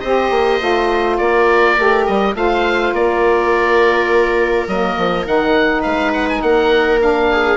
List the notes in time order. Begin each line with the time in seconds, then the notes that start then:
0.00 C4 G4 C5 D#5
0.30 A#3
0.59 A3 F4
1.18 A#3 A#4 D5
1.77 A3 G4
2.06 G3 D#5
2.33 A3 F4 C5 F5
2.92 A#3 A#4 D5
4.67 F#3 A#3 D#5
4.97 F3
5.24 D#3 D#4 F#5
5.81 G#3 B4 F5
6.13 F#5
6.29 G#5
6.41 A#3 A#4 F#5
6.99 D4 F5
7.32 G#4